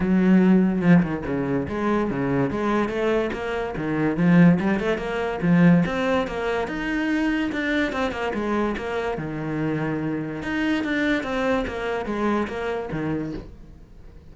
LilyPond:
\new Staff \with { instrumentName = "cello" } { \time 4/4 \tempo 4 = 144 fis2 f8 dis8 cis4 | gis4 cis4 gis4 a4 | ais4 dis4 f4 g8 a8 | ais4 f4 c'4 ais4 |
dis'2 d'4 c'8 ais8 | gis4 ais4 dis2~ | dis4 dis'4 d'4 c'4 | ais4 gis4 ais4 dis4 | }